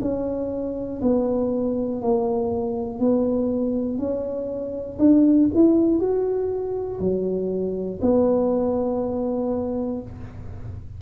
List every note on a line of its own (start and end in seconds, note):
0.00 1.00 C#4
1.01 2.01 B3
2.01 2.99 A#3
2.99 3.98 B3
3.98 4.98 C#4
4.98 5.48 D4
5.54 5.99 E4
5.99 6.99 F#4
6.99 7.99 F#3
8.01 10.01 B3